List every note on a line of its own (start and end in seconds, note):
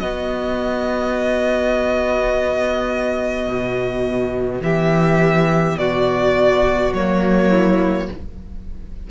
0.00 3.48 B3
0.00 6.94 B3
0.00 4.62 F#4
0.00 4.62 D#5
3.48 4.62 B2
4.62 5.77 E3
4.62 5.79 G4
4.62 5.78 E5
5.78 6.94 B2
5.78 7.50 F#4
5.78 6.94 D5
6.94 8.09 F#3
6.94 8.11 A#3
6.94 8.10 C#5
7.50 8.07 E4